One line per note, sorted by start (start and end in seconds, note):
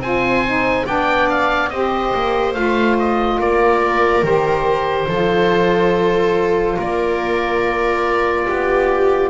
0.00 0.85 C4
0.00 0.46 F4
0.00 0.87 C5
0.00 0.87 G#5
0.46 0.86 D#4
0.86 1.72 B3
0.86 1.70 D4
0.86 1.71 D5
0.86 1.30 G5
1.30 1.70 F5
1.70 2.14 C4
1.70 2.54 G4
1.70 3.40 C5
1.70 2.54 D#5
2.15 2.55 A#3
2.54 3.40 A3
2.54 4.23 F4
2.54 2.97 F5
3.00 3.41 D#5
3.40 4.23 A#3
3.40 5.09 A#4
3.40 4.26 D5
4.23 5.08 D#3
4.23 5.08 G4
4.23 6.79 C5
5.09 6.78 F3
5.09 9.31 F4
5.09 6.77 A4
6.77 8.48 A#3
6.77 8.46 A#4
6.77 9.31 D5
8.48 9.31 B3
8.48 9.31 G4